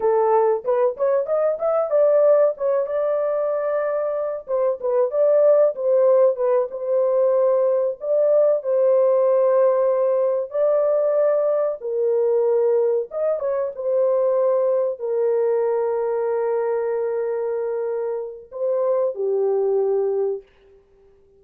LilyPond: \new Staff \with { instrumentName = "horn" } { \time 4/4 \tempo 4 = 94 a'4 b'8 cis''8 dis''8 e''8 d''4 | cis''8 d''2~ d''8 c''8 b'8 | d''4 c''4 b'8 c''4.~ | c''8 d''4 c''2~ c''8~ |
c''8 d''2 ais'4.~ | ais'8 dis''8 cis''8 c''2 ais'8~ | ais'1~ | ais'4 c''4 g'2 | }